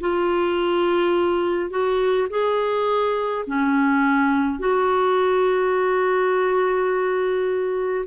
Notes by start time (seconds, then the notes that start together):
0.00 F4
1.70 F#4
2.30 G#4
3.47 C#4
4.59 F#4